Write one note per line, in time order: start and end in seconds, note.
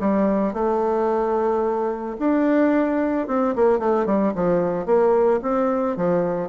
0.00 0.53 G3
0.53 2.16 A3
2.18 3.27 D4
3.27 3.54 C4
3.55 3.79 A#3
3.79 4.05 A3
4.05 4.33 G3
4.35 4.85 F3
4.85 5.40 A#3
5.42 5.96 C4
5.96 6.49 F3